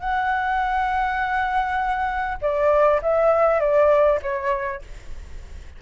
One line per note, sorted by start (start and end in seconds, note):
0.00 2.38 F#5
2.42 3.01 D5
3.02 3.60 E5
3.60 4.20 D5
4.23 4.82 C#5